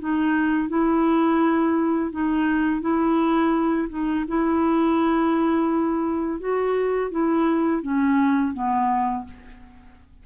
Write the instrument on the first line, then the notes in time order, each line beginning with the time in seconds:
clarinet
0.00 D#4
0.69 E4
2.12 D#4
2.81 E4
3.89 D#4
4.28 E4
6.40 F#4
7.11 E4
7.82 C#4
8.54 B3